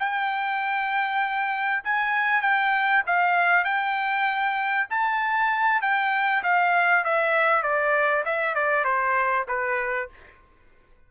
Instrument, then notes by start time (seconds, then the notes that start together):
trumpet
0.00 G5
1.84 G#5
2.42 G5
3.07 F5
3.65 G5
4.90 A5
5.82 G5
6.43 F5
7.05 E5
7.63 D5
8.26 E5
8.55 D5
8.85 C5
9.48 B4